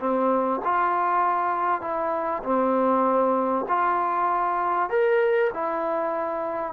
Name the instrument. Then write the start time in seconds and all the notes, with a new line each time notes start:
trombone
0.00 C4
0.65 F4
1.81 E4
2.44 C4
3.69 F4
4.90 A#4
5.54 E4